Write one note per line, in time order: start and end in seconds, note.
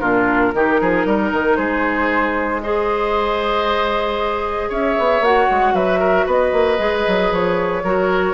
0.00 0.54 A#2
0.00 0.53 D4
0.00 0.52 F4
0.00 1.56 A#4
0.54 0.80 D#3
0.54 2.63 D#4
0.54 0.80 G4
0.80 1.05 F3
0.80 1.07 G#4
1.05 1.32 G3
1.05 1.57 A#4
1.33 1.57 D#3
1.56 4.70 G#3
1.56 2.62 G#4
1.56 2.61 C5
2.63 5.24 G#4
2.63 4.69 C5
2.63 4.71 D#5
4.69 4.96 C#4
4.69 5.73 C#5
4.69 5.24 E5
4.99 5.20 B3
5.20 5.46 A#3
5.20 6.78 F#4
5.20 5.75 F#5
5.50 5.73 G#3
5.73 6.25 F#3
5.73 5.99 B4
5.73 6.27 E5
5.99 6.26 A#4
6.26 6.52 B3
6.26 7.83 B4
6.26 7.33 D#5
6.52 6.78 A#3
6.78 7.05 G#3
6.78 7.82 G#4
7.07 7.31 F#3
7.31 7.83 F3
7.31 8.33 C#5
7.83 8.33 F#3
7.83 8.33 F#4
7.83 8.33 A#4